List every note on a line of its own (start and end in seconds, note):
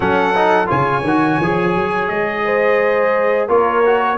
0.00 0.70 F#3
0.00 0.34 C#4
0.00 0.69 A4
0.00 0.69 F#5
0.35 0.66 D#4
0.66 1.03 C#3
0.66 1.01 F4
0.66 2.43 C#5
0.66 2.07 G#5
1.03 1.38 D#3
1.03 1.42 F#4
1.40 1.75 F3
1.40 3.48 G#4
1.75 2.09 F#3
2.07 3.48 G#3
2.07 3.47 D#5
2.44 3.48 C5
3.48 4.17 A#3
3.48 3.83 F4
3.48 4.17 A#4
3.48 4.17 C#5
3.85 4.17 F#4